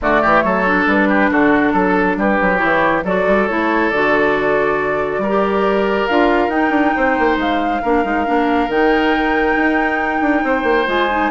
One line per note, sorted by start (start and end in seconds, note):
0.01 0.22 D3
0.01 0.66 A3
0.01 0.21 F#4
0.01 0.40 D5
0.21 0.43 E3
0.21 0.43 G4
0.40 0.86 F#3
0.40 1.08 A4
0.40 0.84 C#5
0.66 2.57 D4
0.86 1.29 G3
0.86 1.31 B4
1.08 1.30 G4
1.30 1.73 D3
1.30 1.73 F#4
1.30 2.18 A4
1.73 2.16 F#3
1.73 2.16 A4
2.16 2.38 G3
2.16 3.04 G4
2.16 2.57 B4
2.41 2.62 F#3
2.57 3.03 E3
2.57 3.01 E4
2.57 3.01 C#5
3.03 3.25 F#3
3.03 3.48 F#4
3.03 5.21 A4
3.03 3.47 D5
3.26 3.48 G3
3.47 3.91 A3
3.47 3.92 E4
3.47 3.90 C#5
3.90 5.17 D3
3.90 5.24 F#4
3.90 6.06 D5
5.17 6.04 G3
5.17 6.95 A#4
5.27 6.09 G4
6.06 6.48 D4
6.06 6.50 F4
6.06 6.50 F5
6.48 6.70 D#4
6.48 7.81 D#4
6.48 7.37 G5
6.70 6.91 D4
6.95 7.18 C4
6.95 7.82 C5
7.18 7.36 A#3
7.36 7.80 G#3
7.36 8.70 F5
7.82 8.04 A#3
7.82 8.03 D4
7.82 10.43 A#4
8.03 8.26 G#3
8.03 8.25 D#4
8.25 8.68 A#3
8.25 8.69 D4
8.68 9.55 D#3
8.68 10.87 D#4
8.68 10.88 G5
9.56 10.21 D#4
10.21 10.42 D4
10.43 10.63 C4
10.43 11.31 C5
10.63 10.85 A#3
10.87 11.31 G#3
10.87 11.08 F4
10.87 11.31 G#5
11.10 11.31 D#4